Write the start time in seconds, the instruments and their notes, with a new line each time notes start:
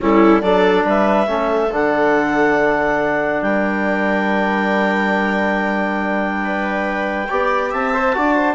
0.01 bassoon G3, trombone C#4, viola E4, clarinet A4
0.41 bassoon F#3, trombone D4, viola A4, clarinet D5
0.84 bassoon G3, viola B4, clarinet E5
1.27 bassoon A3, trombone C#4, viola A4
1.70 bassoon D3, trombone D4, clarinet F#5
3.41 bassoon G3, viola A#4, clarinet G5
6.43 viola B4
7.29 bassoon B3, trombone G4, viola D5
7.70 bassoon C4, viola E5, clarinet A5
7.93 trombone C5
8.14 bassoon D4, trombone F#4, viola D5
8.34 viola C5